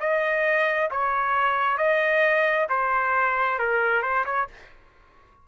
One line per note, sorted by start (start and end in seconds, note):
0.00 0.90 D#5
0.90 1.77 C#5
1.77 2.67 D#5
2.69 3.59 C5
3.59 4.02 A#4
4.02 4.25 C5
4.25 4.47 C#5